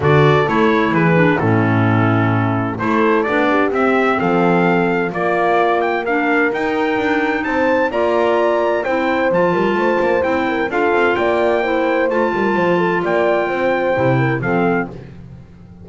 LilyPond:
<<
  \new Staff \with { instrumentName = "trumpet" } { \time 4/4 \tempo 4 = 129 d''4 cis''4 b'4 a'4~ | a'2 c''4 d''4 | e''4 f''2 d''4~ | d''8 g''8 f''4 g''2 |
a''4 ais''2 g''4 | a''2 g''4 f''4 | g''2 a''2 | g''2. f''4 | }
  \new Staff \with { instrumentName = "horn" } { \time 4/4 a'2 gis'4 e'4~ | e'2 a'4. g'8~ | g'4 a'2 f'4~ | f'4 ais'2. |
c''4 d''2 c''4~ | c''8 ais'8 c''4. ais'8 a'4 | d''4 c''4. ais'8 c''8 a'8 | d''4 c''4. ais'8 a'4 | }
  \new Staff \with { instrumentName = "clarinet" } { \time 4/4 fis'4 e'4. d'8 cis'4~ | cis'2 e'4 d'4 | c'2. ais4~ | ais4 d'4 dis'2~ |
dis'4 f'2 e'4 | f'2 e'4 f'4~ | f'4 e'4 f'2~ | f'2 e'4 c'4 | }
  \new Staff \with { instrumentName = "double bass" } { \time 4/4 d4 a4 e4 a,4~ | a,2 a4 b4 | c'4 f2 ais4~ | ais2 dis'4 d'4 |
c'4 ais2 c'4 | f8 g8 a8 ais8 c'4 d'8 c'8 | ais2 a8 g8 f4 | ais4 c'4 c4 f4 | }
>>